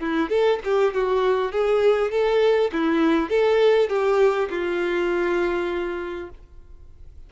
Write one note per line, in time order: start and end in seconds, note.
0.00 0.30 E4
0.30 0.60 A4
0.65 0.94 G4
0.94 1.52 F#4
1.52 2.11 G#4
2.11 2.71 A4
2.72 3.29 E4
3.29 3.89 A4
3.89 4.49 G4
4.50 6.30 F4